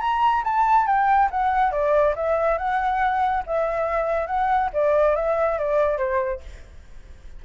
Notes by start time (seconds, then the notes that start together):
0.00 A#5
0.44 A5
0.86 G5
1.31 F#5
1.71 D5
2.15 E5
2.58 F#5
3.46 E5
4.26 F#5
4.73 D5
5.15 E5
5.58 D5
5.97 C5